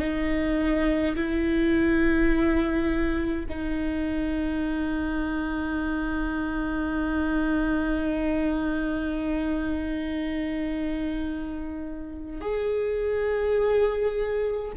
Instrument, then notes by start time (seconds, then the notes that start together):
viola
0.00 D#4
1.16 E4
3.49 D#4
12.41 G#4